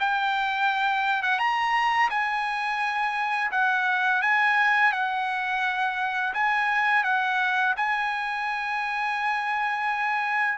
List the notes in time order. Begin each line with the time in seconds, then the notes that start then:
0.00 G5
1.23 F#5
1.39 A#5
2.10 G#5
3.52 F#5
4.22 G#5
4.93 F#5
6.34 G#5
7.04 F#5
7.77 G#5